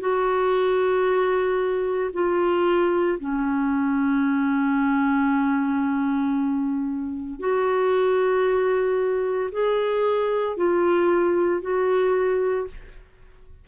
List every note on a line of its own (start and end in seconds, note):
0.00 2.11 F#4
2.13 3.19 F4
3.19 7.40 C#4
7.40 9.50 F#4
9.52 10.57 G#4
10.57 11.62 F4
11.62 12.67 F#4